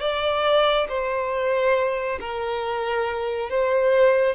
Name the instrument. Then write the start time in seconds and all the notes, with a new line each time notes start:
violin
0.00 D5
0.88 C5
2.20 A#4
3.49 C5